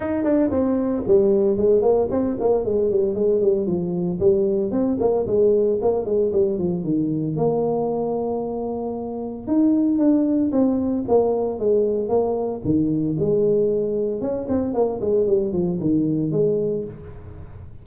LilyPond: \new Staff \with { instrumentName = "tuba" } { \time 4/4 \tempo 4 = 114 dis'8 d'8 c'4 g4 gis8 ais8 | c'8 ais8 gis8 g8 gis8 g8 f4 | g4 c'8 ais8 gis4 ais8 gis8 | g8 f8 dis4 ais2~ |
ais2 dis'4 d'4 | c'4 ais4 gis4 ais4 | dis4 gis2 cis'8 c'8 | ais8 gis8 g8 f8 dis4 gis4 | }